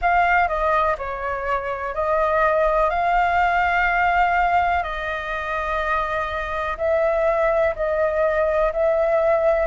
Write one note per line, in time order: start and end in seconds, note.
0.01 0.48 F5
0.48 0.96 D#5
0.98 1.94 C#5
1.94 2.90 D#5
2.90 4.83 F5
4.83 6.76 D#5
6.77 7.74 E5
7.75 8.72 D#5
8.72 9.66 E5